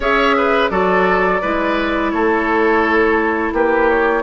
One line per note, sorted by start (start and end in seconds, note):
0.00 0.69 C#4
0.00 0.70 G#4
0.00 0.35 C#5
0.00 0.69 E5
0.37 0.71 B4
0.69 1.41 F#3
0.69 1.41 F#4
0.69 1.41 A4
0.69 2.10 D5
1.41 2.12 G#3
1.41 4.22 E4
1.41 2.12 B4
2.10 3.52 A3
2.10 3.54 A4
2.10 3.51 C#5
3.52 4.22 A#3
3.52 4.22 G4
3.52 3.89 B4
3.89 4.22 C#5